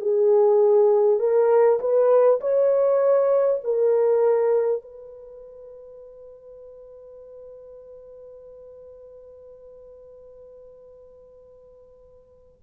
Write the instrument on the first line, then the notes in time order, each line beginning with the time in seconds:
horn
0.00 G#4
1.19 A#4
1.79 B4
2.40 C#5
3.63 A#4
4.81 B4